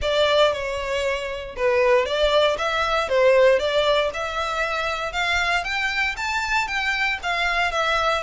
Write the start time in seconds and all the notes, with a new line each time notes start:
0.01 D5
0.53 C#5
1.56 B4
2.05 D5
2.58 E5
3.08 C5
3.59 D5
4.13 E5
5.12 F5
5.64 G5
6.16 A5
6.67 G5
7.22 F5
7.71 E5